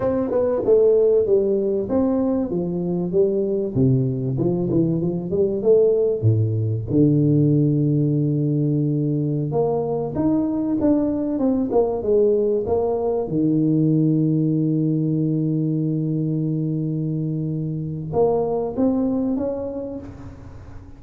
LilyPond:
\new Staff \with { instrumentName = "tuba" } { \time 4/4 \tempo 4 = 96 c'8 b8 a4 g4 c'4 | f4 g4 c4 f8 e8 | f8 g8 a4 a,4 d4~ | d2.~ d16 ais8.~ |
ais16 dis'4 d'4 c'8 ais8 gis8.~ | gis16 ais4 dis2~ dis8.~ | dis1~ | dis4 ais4 c'4 cis'4 | }